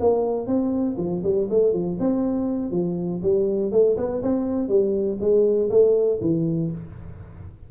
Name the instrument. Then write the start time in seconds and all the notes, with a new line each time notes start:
tuba
0.00 A#3
0.47 C4
0.97 F3
1.24 G3
1.50 A3
1.73 F3
2.00 C4
2.71 F3
3.22 G3
3.72 A3
3.97 B3
4.23 C4
4.68 G3
5.20 G#3
5.70 A3
6.21 E3